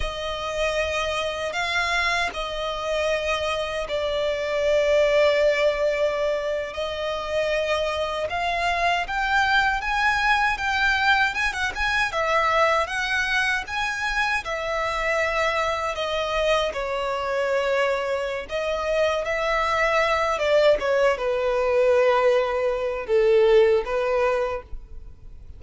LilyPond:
\new Staff \with { instrumentName = "violin" } { \time 4/4 \tempo 4 = 78 dis''2 f''4 dis''4~ | dis''4 d''2.~ | d''8. dis''2 f''4 g''16~ | g''8. gis''4 g''4 gis''16 fis''16 gis''8 e''16~ |
e''8. fis''4 gis''4 e''4~ e''16~ | e''8. dis''4 cis''2~ cis''16 | dis''4 e''4. d''8 cis''8 b'8~ | b'2 a'4 b'4 | }